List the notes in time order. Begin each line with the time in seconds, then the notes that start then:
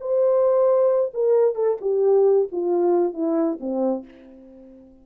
0.00 C5
1.14 A#4
1.55 A4
1.81 G4
2.52 F4
3.13 E4
3.60 C4